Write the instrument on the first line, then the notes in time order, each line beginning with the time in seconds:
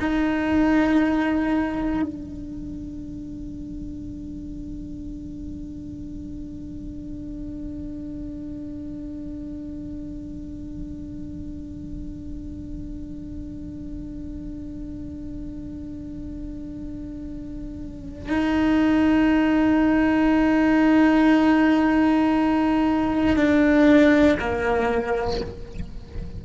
cello
0.00 D#4
2.02 D4
18.29 D#4
23.36 D4
24.40 A#3